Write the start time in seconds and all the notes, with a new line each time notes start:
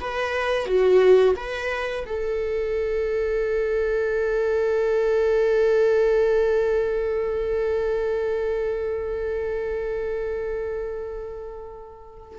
0.00 B4
0.66 F#4
1.36 B4
2.05 A4